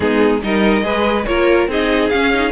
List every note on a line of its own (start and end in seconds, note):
0.00 0.42 G#3
0.00 0.40 B3
0.00 0.41 D#4
0.00 0.42 G#4
0.42 0.83 G3
0.42 0.83 D#4
0.42 0.84 A#4
0.42 1.25 D#5
0.83 1.26 G#3
0.83 1.25 G#4
0.83 1.26 B4
1.25 1.67 A#3
1.25 1.69 F4
1.25 1.70 A#4
1.25 1.67 C#5
1.67 2.09 C4
1.67 2.11 D#4
1.67 2.51 G#4
1.67 2.09 D#5
2.09 2.51 C#4
2.09 2.33 C#4
2.09 2.51 F5
2.33 2.51 D#4